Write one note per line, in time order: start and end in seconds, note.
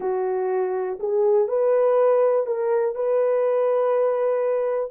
0.00 0.98 F#4
0.99 1.48 G#4
1.48 2.46 B4
2.46 2.95 A#4
2.95 4.90 B4